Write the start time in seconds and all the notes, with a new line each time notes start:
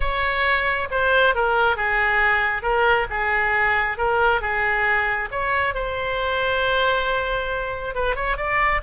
0.00 C#5
0.90 C5
1.34 A#4
1.76 G#4
2.62 A#4
3.10 G#4
3.97 A#4
4.41 G#4
5.31 C#5
5.74 C5
7.94 B4
8.15 C#5
8.37 D5